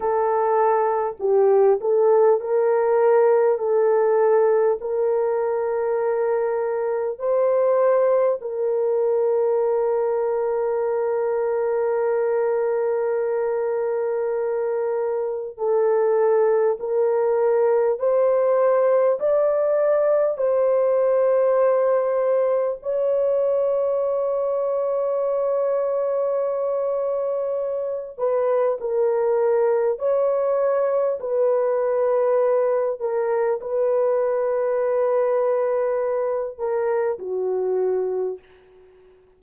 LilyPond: \new Staff \with { instrumentName = "horn" } { \time 4/4 \tempo 4 = 50 a'4 g'8 a'8 ais'4 a'4 | ais'2 c''4 ais'4~ | ais'1~ | ais'4 a'4 ais'4 c''4 |
d''4 c''2 cis''4~ | cis''2.~ cis''8 b'8 | ais'4 cis''4 b'4. ais'8 | b'2~ b'8 ais'8 fis'4 | }